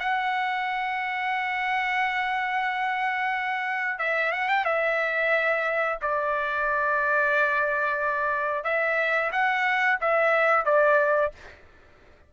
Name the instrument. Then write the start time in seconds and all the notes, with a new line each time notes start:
trumpet
0.00 F#5
3.99 E5
4.32 F#5
4.49 G5
4.65 E5
6.02 D5
8.64 E5
9.32 F#5
10.01 E5
10.65 D5